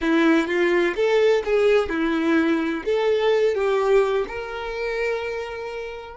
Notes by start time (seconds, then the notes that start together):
0.01 E4
0.47 F4
0.96 A4
1.44 G#4
1.89 E4
2.85 A4
3.54 G4
4.28 A#4